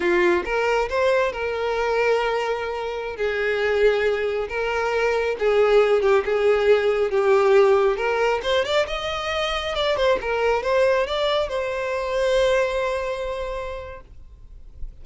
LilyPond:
\new Staff \with { instrumentName = "violin" } { \time 4/4 \tempo 4 = 137 f'4 ais'4 c''4 ais'4~ | ais'2.~ ais'16 gis'8.~ | gis'2~ gis'16 ais'4.~ ais'16~ | ais'16 gis'4. g'8 gis'4.~ gis'16~ |
gis'16 g'2 ais'4 c''8 d''16~ | d''16 dis''2 d''8 c''8 ais'8.~ | ais'16 c''4 d''4 c''4.~ c''16~ | c''1 | }